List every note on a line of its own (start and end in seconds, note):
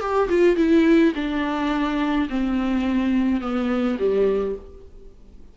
0.00 0.28 G4
0.29 0.56 F4
0.56 1.13 E4
1.15 2.28 D4
2.29 3.41 C4
3.41 3.98 B3
3.99 4.55 G3